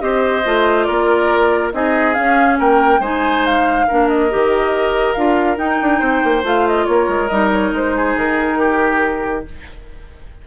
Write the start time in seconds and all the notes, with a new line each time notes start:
0.00 C4 G4 C5 D#5
0.46 A3 F4
0.84 A#3 A#4 D5
1.73 C4 D#4 G#4 D#5
2.14 C#4 F5
2.60 A#3 A#4 G5
3.00 G#3 D#4 C5 G#5
3.46 F5
3.88 A#3 D4 A#4
4.09 D#5
4.30 D#3 G4
5.14 D4 F4 F5
5.57 D#4 G5
5.82 D4
5.99 C4 C5
6.24 A#3
6.43 A3 F4 F5
6.68 D#5
6.86 A#3 A#4 C#5
7.08 G#3
7.28 G3 D#4 D#5
7.53 C#5
7.72 G#3 C5
7.97 G#4
8.17 D#3 A#4
8.59 G4